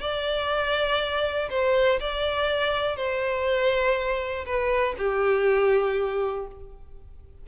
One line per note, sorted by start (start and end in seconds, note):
0.00 1.49 D5
1.50 1.99 C5
2.00 2.96 D5
2.96 4.45 C5
4.45 4.95 B4
4.98 6.47 G4